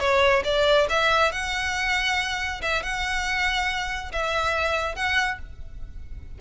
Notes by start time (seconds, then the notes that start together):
0.00 C#5
0.45 D5
0.90 E5
1.32 F#5
2.62 E5
2.83 F#5
4.12 E5
4.96 F#5